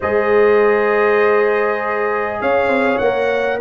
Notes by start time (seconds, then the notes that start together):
0.00 G#3 G#4 C5 D#5
2.41 C#4 C#5 F5
2.67 C4
2.98 A#3 A#4 F#5